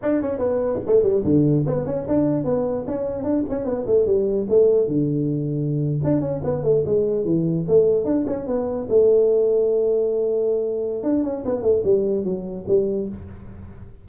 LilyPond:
\new Staff \with { instrumentName = "tuba" } { \time 4/4 \tempo 4 = 147 d'8 cis'8 b4 a8 g8 d4 | b8 cis'8 d'4 b4 cis'4 | d'8 cis'8 b8 a8 g4 a4 | d2~ d8. d'8 cis'8 b16~ |
b16 a8 gis4 e4 a4 d'16~ | d'16 cis'8 b4 a2~ a16~ | a2. d'8 cis'8 | b8 a8 g4 fis4 g4 | }